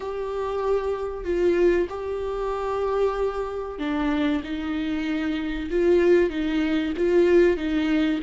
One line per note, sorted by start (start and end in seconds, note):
0.00 1.24 G4
1.24 1.87 F4
1.89 3.78 G4
3.79 4.42 D4
4.43 5.69 D#4
5.70 6.30 F4
6.30 6.93 D#4
6.97 7.56 F4
7.56 8.19 D#4